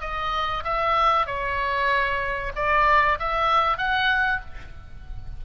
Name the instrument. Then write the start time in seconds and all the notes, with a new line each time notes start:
oboe
0.00 D#5
0.64 E5
1.26 C#5
2.55 D5
3.19 E5
3.77 F#5